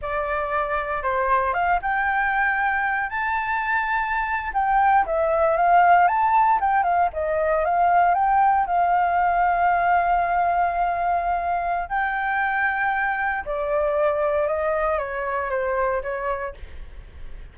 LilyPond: \new Staff \with { instrumentName = "flute" } { \time 4/4 \tempo 4 = 116 d''2 c''4 f''8 g''8~ | g''2 a''2~ | a''8. g''4 e''4 f''4 a''16~ | a''8. g''8 f''8 dis''4 f''4 g''16~ |
g''8. f''2.~ f''16~ | f''2. g''4~ | g''2 d''2 | dis''4 cis''4 c''4 cis''4 | }